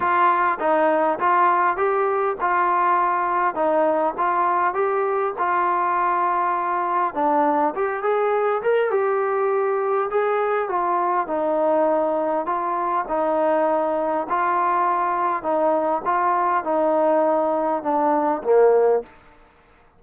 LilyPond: \new Staff \with { instrumentName = "trombone" } { \time 4/4 \tempo 4 = 101 f'4 dis'4 f'4 g'4 | f'2 dis'4 f'4 | g'4 f'2. | d'4 g'8 gis'4 ais'8 g'4~ |
g'4 gis'4 f'4 dis'4~ | dis'4 f'4 dis'2 | f'2 dis'4 f'4 | dis'2 d'4 ais4 | }